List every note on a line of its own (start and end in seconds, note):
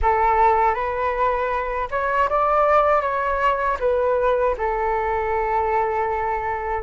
0.02 0.74 A4
0.74 1.88 B4
1.91 2.29 C#5
2.29 3.01 D5
3.01 3.77 C#5
3.79 4.55 B4
4.57 6.83 A4